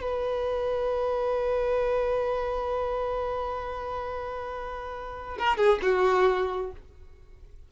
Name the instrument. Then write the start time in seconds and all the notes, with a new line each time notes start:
violin
0.00 B4
5.38 A#4
5.57 G#4
5.82 F#4